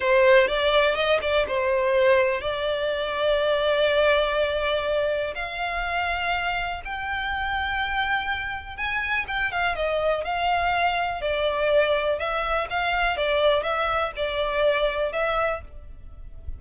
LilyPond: \new Staff \with { instrumentName = "violin" } { \time 4/4 \tempo 4 = 123 c''4 d''4 dis''8 d''8 c''4~ | c''4 d''2.~ | d''2. f''4~ | f''2 g''2~ |
g''2 gis''4 g''8 f''8 | dis''4 f''2 d''4~ | d''4 e''4 f''4 d''4 | e''4 d''2 e''4 | }